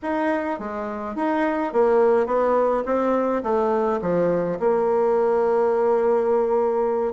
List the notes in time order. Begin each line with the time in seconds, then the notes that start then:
0.02 D#4
0.59 G#3
1.15 D#4
1.72 A#3
2.26 B3
2.85 C4
3.43 A3
4.01 F3
4.59 A#3